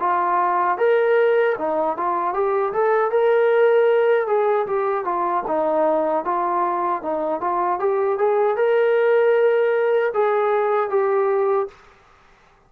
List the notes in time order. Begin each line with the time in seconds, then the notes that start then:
0.00 F4
0.78 A#4
1.58 D#4
1.97 F4
2.34 G4
2.73 A4
3.11 A#4
4.28 G#4
4.67 G4
5.05 F4
5.48 D#4
6.25 F4
7.02 D#4
7.41 F4
7.80 G4
8.19 G#4
8.57 A#4
10.14 G#4
10.90 G4